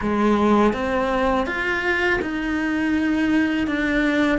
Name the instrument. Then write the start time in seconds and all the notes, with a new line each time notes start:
cello
0.01 G#3
0.73 C4
1.46 F4
2.22 D#4
3.67 D4